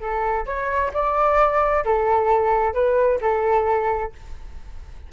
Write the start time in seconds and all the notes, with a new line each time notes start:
0.00 A4
0.45 C#5
0.93 D5
1.84 A4
2.73 B4
3.21 A4